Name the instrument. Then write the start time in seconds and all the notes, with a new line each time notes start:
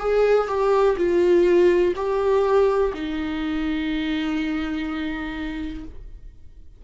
viola
0.00 G#4
0.48 G4
0.97 F4
1.96 G4
2.94 D#4